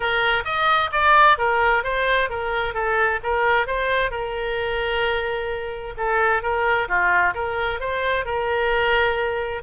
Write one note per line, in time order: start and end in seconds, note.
0.00 0.43 A#4
0.44 0.90 D#5
0.92 1.37 D5
1.38 1.83 A#4
1.83 2.29 C5
2.29 2.74 A#4
2.74 3.19 A4
3.23 3.66 A#4
3.66 4.10 C5
4.10 5.94 A#4
5.97 6.42 A4
6.42 6.88 A#4
6.88 7.34 F4
7.34 7.80 A#4
7.80 8.25 C5
8.25 9.62 A#4